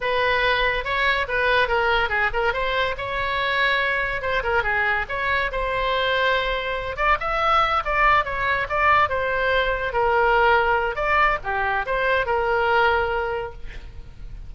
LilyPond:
\new Staff \with { instrumentName = "oboe" } { \time 4/4 \tempo 4 = 142 b'2 cis''4 b'4 | ais'4 gis'8 ais'8 c''4 cis''4~ | cis''2 c''8 ais'8 gis'4 | cis''4 c''2.~ |
c''8 d''8 e''4. d''4 cis''8~ | cis''8 d''4 c''2 ais'8~ | ais'2 d''4 g'4 | c''4 ais'2. | }